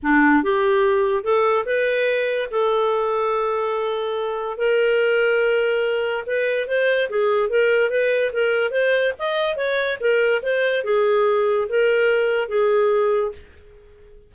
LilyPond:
\new Staff \with { instrumentName = "clarinet" } { \time 4/4 \tempo 4 = 144 d'4 g'2 a'4 | b'2 a'2~ | a'2. ais'4~ | ais'2. b'4 |
c''4 gis'4 ais'4 b'4 | ais'4 c''4 dis''4 cis''4 | ais'4 c''4 gis'2 | ais'2 gis'2 | }